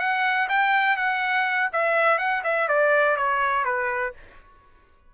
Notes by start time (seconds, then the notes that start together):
0.00 F#5
0.49 G5
0.97 F#5
1.73 E5
2.19 F#5
2.44 E5
2.69 D5
3.17 C#5
3.65 B4